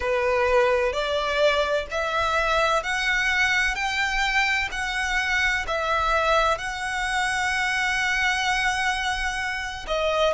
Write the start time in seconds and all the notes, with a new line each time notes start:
0.00 B4
0.92 D5
1.90 E5
2.83 F#5
3.75 G5
4.71 F#5
5.67 E5
6.58 F#5
9.87 D#5